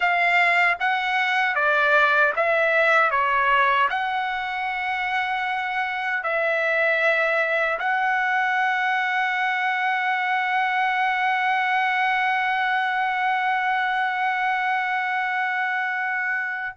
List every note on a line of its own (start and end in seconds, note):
0.00 0.78 F5
0.79 1.55 F#5
1.55 2.33 D5
2.36 3.10 E5
3.10 3.88 C#5
3.89 6.23 F#5
6.23 7.79 E5
7.79 16.75 F#5